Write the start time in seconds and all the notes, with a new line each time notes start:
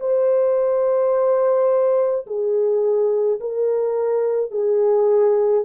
0.00 C5
2.26 G#4
3.40 A#4
4.51 G#4